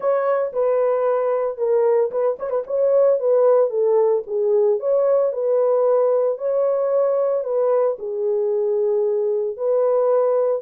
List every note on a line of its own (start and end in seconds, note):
0.00 0.52 C#5
0.53 1.57 B4
1.57 2.10 A#4
2.11 2.37 B4
2.39 2.50 C#5
2.50 2.63 B4
2.66 3.19 C#5
3.19 3.70 B4
3.70 4.23 A4
4.26 4.79 G#4
4.79 5.32 C#5
5.32 6.38 B4
6.38 7.44 C#5
7.44 7.97 B4
7.98 9.56 G#4
9.56 10.61 B4